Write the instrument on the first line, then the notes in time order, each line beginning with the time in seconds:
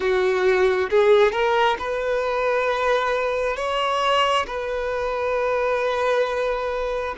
violin
0.00 F#4
0.90 G#4
1.32 A#4
1.79 B4
3.56 C#5
4.46 B4